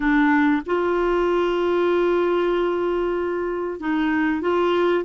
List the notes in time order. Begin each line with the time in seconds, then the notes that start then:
0.00 D4
0.65 F4
3.80 D#4
4.41 F4